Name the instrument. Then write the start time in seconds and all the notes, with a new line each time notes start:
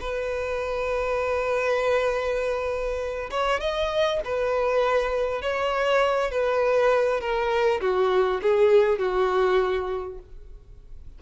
violin
0.00 B4
3.30 C#5
3.60 D#5
4.24 B4
5.42 C#5
6.31 B4
7.20 A#4
7.81 F#4
8.42 G#4
8.98 F#4